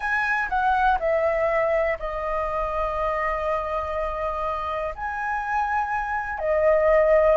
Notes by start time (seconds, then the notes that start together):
0.00 G#5
0.49 F#5
0.99 E5
1.99 D#5
4.95 G#5
6.38 D#5